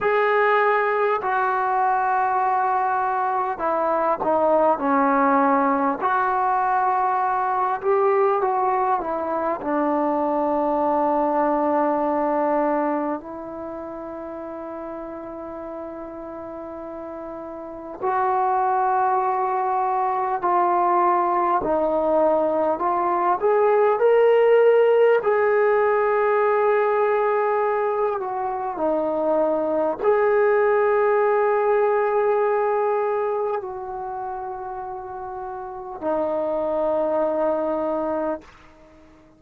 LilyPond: \new Staff \with { instrumentName = "trombone" } { \time 4/4 \tempo 4 = 50 gis'4 fis'2 e'8 dis'8 | cis'4 fis'4. g'8 fis'8 e'8 | d'2. e'4~ | e'2. fis'4~ |
fis'4 f'4 dis'4 f'8 gis'8 | ais'4 gis'2~ gis'8 fis'8 | dis'4 gis'2. | fis'2 dis'2 | }